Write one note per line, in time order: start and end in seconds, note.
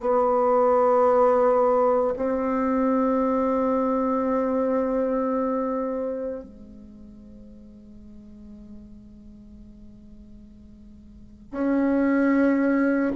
0.00 2.14 B3
2.16 6.44 C4
6.44 11.51 G#3
11.51 13.12 C#4